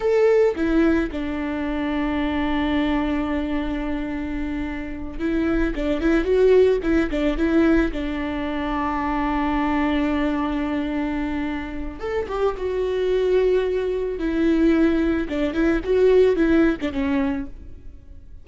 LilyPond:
\new Staff \with { instrumentName = "viola" } { \time 4/4 \tempo 4 = 110 a'4 e'4 d'2~ | d'1~ | d'4. e'4 d'8 e'8 fis'8~ | fis'8 e'8 d'8 e'4 d'4.~ |
d'1~ | d'2 a'8 g'8 fis'4~ | fis'2 e'2 | d'8 e'8 fis'4 e'8. d'16 cis'4 | }